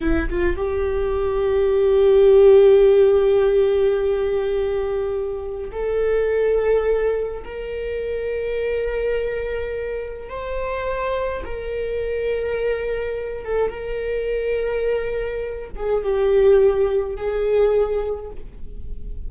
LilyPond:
\new Staff \with { instrumentName = "viola" } { \time 4/4 \tempo 4 = 105 e'8 f'8 g'2.~ | g'1~ | g'2 a'2~ | a'4 ais'2.~ |
ais'2 c''2 | ais'2.~ ais'8 a'8 | ais'2.~ ais'8 gis'8 | g'2 gis'2 | }